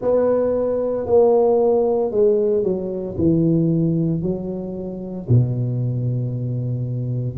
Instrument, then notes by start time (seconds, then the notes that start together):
tuba
0.01 B3
1.06 A#3
2.11 G#3
2.63 F#3
3.17 E3
4.22 F#3
5.28 B2